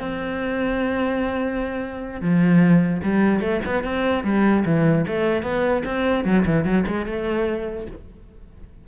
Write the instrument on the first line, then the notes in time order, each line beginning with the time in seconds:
cello
0.00 C4
2.21 F3
3.03 G3
3.41 A3
3.66 B3
3.84 C4
4.24 G3
4.65 E3
5.07 A3
5.43 B3
5.85 C4
6.25 F#3
6.46 E3
6.65 F#3
6.87 G#3
7.06 A3